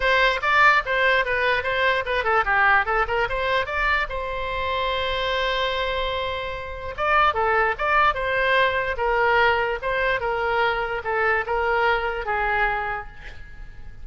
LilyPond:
\new Staff \with { instrumentName = "oboe" } { \time 4/4 \tempo 4 = 147 c''4 d''4 c''4 b'4 | c''4 b'8 a'8 g'4 a'8 ais'8 | c''4 d''4 c''2~ | c''1~ |
c''4 d''4 a'4 d''4 | c''2 ais'2 | c''4 ais'2 a'4 | ais'2 gis'2 | }